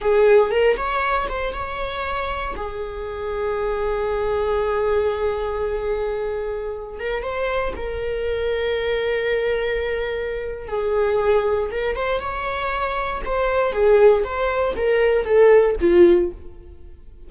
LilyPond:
\new Staff \with { instrumentName = "viola" } { \time 4/4 \tempo 4 = 118 gis'4 ais'8 cis''4 c''8 cis''4~ | cis''4 gis'2.~ | gis'1~ | gis'4.~ gis'16 ais'8 c''4 ais'8.~ |
ais'1~ | ais'4 gis'2 ais'8 c''8 | cis''2 c''4 gis'4 | c''4 ais'4 a'4 f'4 | }